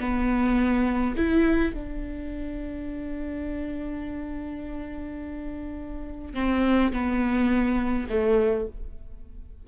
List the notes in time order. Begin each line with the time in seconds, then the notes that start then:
0.00 B3
1.17 E4
1.74 D4
6.34 C4
6.92 B3
8.10 A3